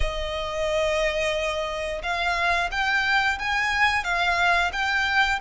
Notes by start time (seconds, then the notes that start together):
0.00 D#5
2.02 F5
2.71 G5
3.38 G#5
4.04 F5
4.72 G5